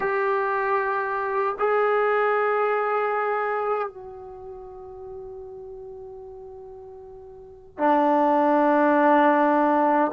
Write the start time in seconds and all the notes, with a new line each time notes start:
0.00 G4
1.58 G#4
3.88 F#4
7.77 D4